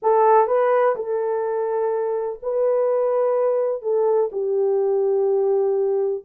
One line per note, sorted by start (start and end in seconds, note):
0.02 0.47 A4
0.47 0.95 B4
0.95 2.39 A4
2.42 3.82 B4
3.82 4.30 A4
4.32 6.24 G4